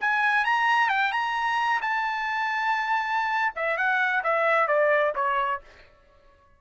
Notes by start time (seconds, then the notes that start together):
0.00 G#5
0.45 A#5
0.89 G5
1.12 A#5
1.81 A5
3.56 E5
3.77 F#5
4.23 E5
4.67 D5
5.15 C#5